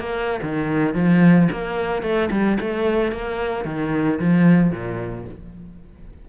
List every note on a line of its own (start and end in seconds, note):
0.00 0.41 A#3
0.43 0.95 D#3
0.95 1.49 F3
1.52 2.03 A#3
2.03 2.30 A3
2.31 2.58 G3
2.61 3.12 A3
3.12 3.65 A#3
3.65 4.19 D#3
4.20 4.72 F3
4.72 5.26 A#2